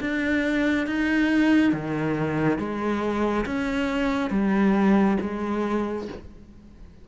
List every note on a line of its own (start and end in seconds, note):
0.00 0.87 D4
0.87 1.72 D#4
1.72 2.58 D#3
2.58 3.45 G#3
3.45 4.30 C#4
4.30 5.17 G3
5.21 6.08 G#3